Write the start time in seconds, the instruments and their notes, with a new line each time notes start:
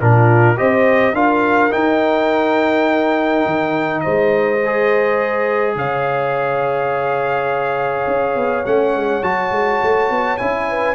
0.00 tuba A#2, trombone D4, horn F4, trumpet A#4
0.56 tuba C4, trombone G4, horn C5, trumpet D#5
1.13 tuba D4, trombone F4, horn A#4, trumpet F5
1.70 trombone D#4, tuba D#4, trumpet G5
3.45 tuba D#3
4.00 tuba G#3, horn C5, trumpet D#5
4.65 trombone G#4
5.75 tuba C#3, horn C#5, trumpet F5
8.06 tuba C#4
8.35 tuba B3
8.65 tuba A3, trombone C#4, trumpet F#5
8.95 tuba G#3
9.22 tuba F#3, trombone F#4, trumpet A5
9.51 tuba G#3
9.83 tuba A3
10.10 tuba B3
10.37 tuba C#4, trombone E4, trumpet G#5
10.69 horn B4